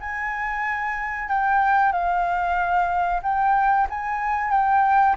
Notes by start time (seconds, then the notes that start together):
0.00 G#5
1.28 G5
1.92 F5
3.23 G5
3.90 G#5
4.51 G5